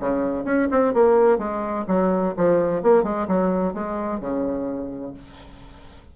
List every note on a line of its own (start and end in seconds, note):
0.00 0.45 C#3
0.45 0.68 C#4
0.71 0.94 C4
0.94 1.38 A#3
1.38 1.85 G#3
1.88 2.35 F#3
2.37 2.83 F3
2.83 3.04 A#3
3.04 3.27 G#3
3.28 3.74 F#3
3.74 4.20 G#3
4.20 5.14 C#3